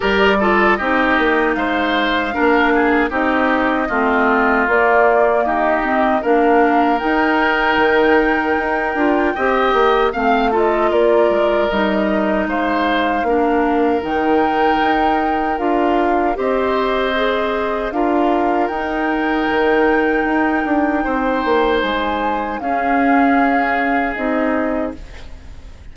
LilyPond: <<
  \new Staff \with { instrumentName = "flute" } { \time 4/4 \tempo 4 = 77 d''4 dis''4 f''2 | dis''2 d''4 dis''4 | f''4 g''2.~ | g''4 f''8 dis''8 d''4 dis''4 |
f''2 g''2 | f''4 dis''2 f''4 | g''1 | gis''4 f''2 dis''4 | }
  \new Staff \with { instrumentName = "oboe" } { \time 4/4 ais'8 a'8 g'4 c''4 ais'8 gis'8 | g'4 f'2 g'4 | ais'1 | dis''4 f''8 a'8 ais'2 |
c''4 ais'2.~ | ais'4 c''2 ais'4~ | ais'2. c''4~ | c''4 gis'2. | }
  \new Staff \with { instrumentName = "clarinet" } { \time 4/4 g'8 f'8 dis'2 d'4 | dis'4 c'4 ais4. c'8 | d'4 dis'2~ dis'8 f'8 | g'4 c'8 f'4. dis'4~ |
dis'4 d'4 dis'2 | f'4 g'4 gis'4 f'4 | dis'1~ | dis'4 cis'2 dis'4 | }
  \new Staff \with { instrumentName = "bassoon" } { \time 4/4 g4 c'8 ais8 gis4 ais4 | c'4 a4 ais4 dis'4 | ais4 dis'4 dis4 dis'8 d'8 | c'8 ais8 a4 ais8 gis8 g4 |
gis4 ais4 dis4 dis'4 | d'4 c'2 d'4 | dis'4 dis4 dis'8 d'8 c'8 ais8 | gis4 cis'2 c'4 | }
>>